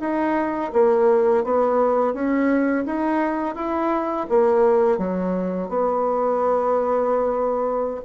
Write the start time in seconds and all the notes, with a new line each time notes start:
0.00 D#4
0.73 A#3
1.44 B3
2.14 C#4
2.86 D#4
3.55 E4
4.29 A#3
4.98 F#3
5.69 B3